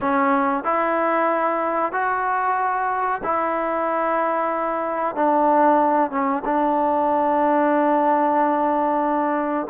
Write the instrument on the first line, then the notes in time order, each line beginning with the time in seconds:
trombone
0.00 C#4
0.64 E4
1.92 F#4
3.23 E4
5.15 D4
6.10 C#4
6.44 D4